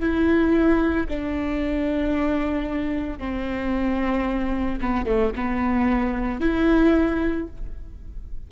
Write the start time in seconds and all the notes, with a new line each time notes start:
0.00 E4
1.09 D4
3.19 C4
4.81 B3
5.06 A3
5.36 B3
6.40 E4